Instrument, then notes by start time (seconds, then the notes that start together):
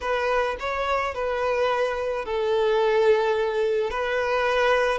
violin
0.01 B4
0.59 C#5
1.14 B4
2.25 A4
3.90 B4